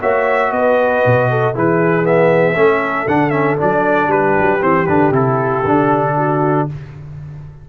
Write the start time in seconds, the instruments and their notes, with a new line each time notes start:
0.00 tuba A#3, trombone F#4, horn C#5, trumpet E5
0.52 tuba B3, horn B4, trumpet D#5
1.05 tuba B2
1.31 horn A4
1.54 tuba E3, trombone E4, horn G#4, trumpet B4
2.03 trombone B3, trumpet E5
2.55 tuba A3, trombone C#4, horn A4
3.07 tuba D3, trombone D4, trumpet F#5
3.30 trombone C#4, trumpet E5
3.57 tuba F#3, trombone D4, trumpet D5
4.07 tuba G3, horn G4, trumpet B4
4.38 tuba F#3
4.61 tuba E3, trombone C4, trumpet C5
4.86 tuba D3, trombone D4, trumpet B4
5.11 tuba C3, trombone E4, trumpet A4
5.64 tuba D3, trombone D4
6.17 horn F#4